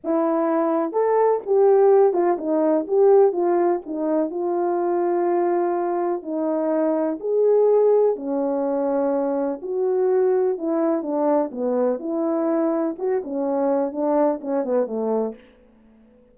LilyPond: \new Staff \with { instrumentName = "horn" } { \time 4/4 \tempo 4 = 125 e'2 a'4 g'4~ | g'8 f'8 dis'4 g'4 f'4 | dis'4 f'2.~ | f'4 dis'2 gis'4~ |
gis'4 cis'2. | fis'2 e'4 d'4 | b4 e'2 fis'8 cis'8~ | cis'4 d'4 cis'8 b8 a4 | }